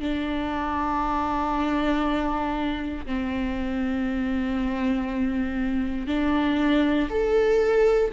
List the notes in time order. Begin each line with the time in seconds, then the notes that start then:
0.00 D4
3.06 C4
6.07 D4
7.10 A4